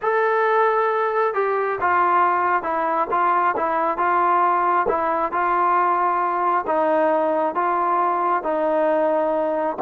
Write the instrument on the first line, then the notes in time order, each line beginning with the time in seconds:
trombone
0.02 A4
1.34 G4
1.80 F4
2.63 E4
3.10 F4
3.57 E4
3.97 F4
4.88 E4
5.32 F4
6.66 D#4
7.55 F4
8.43 D#4